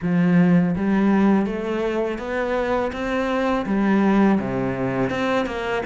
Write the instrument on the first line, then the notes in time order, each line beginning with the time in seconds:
cello
0.02 F3
0.76 G3
1.46 A3
2.18 B3
2.92 C4
3.66 G3
4.39 C3
5.10 C4
5.45 A#3